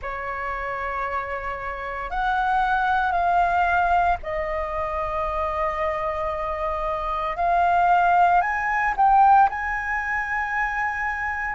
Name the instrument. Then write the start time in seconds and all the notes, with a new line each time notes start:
flute
0.02 C#5
2.10 F#5
3.11 F5
4.22 D#5
7.36 F5
8.41 G#5
8.96 G5
9.49 G#5